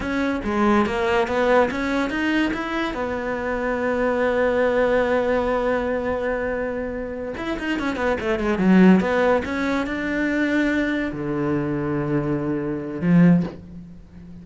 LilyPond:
\new Staff \with { instrumentName = "cello" } { \time 4/4 \tempo 4 = 143 cis'4 gis4 ais4 b4 | cis'4 dis'4 e'4 b4~ | b1~ | b1~ |
b4. e'8 dis'8 cis'8 b8 a8 | gis8 fis4 b4 cis'4 d'8~ | d'2~ d'8 d4.~ | d2. f4 | }